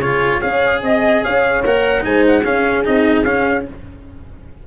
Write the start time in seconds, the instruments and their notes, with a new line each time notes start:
0.00 tuba C#3, cello F4, horn G#4, trumpet C#5
0.40 tuba C#4, cello G#4, horn C#5, trumpet F5
0.83 tuba C4, horn D#5, trumpet D#5
1.23 tuba C#4, horn C#5, trumpet F5
1.64 tuba A#3, cello A#4, trumpet F#5
2.01 tuba G#3, cello D#4, horn C5, trumpet G#5
2.28 trumpet F#5
2.44 cello C#4, tuba C#4, horn G#4, trumpet F5
2.85 tuba C4, cello D#4, trumpet D#5
3.24 tuba C#4, cello C#4, trumpet F5